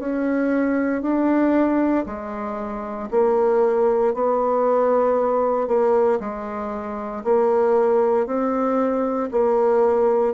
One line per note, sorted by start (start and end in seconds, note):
0.00 1.03 C#4
1.03 2.06 D4
2.06 3.10 G#3
3.11 4.14 A#3
4.14 5.68 B3
5.68 6.20 A#3
6.21 7.24 G#3
7.24 8.27 A#3
8.27 9.30 C4
9.32 10.34 A#3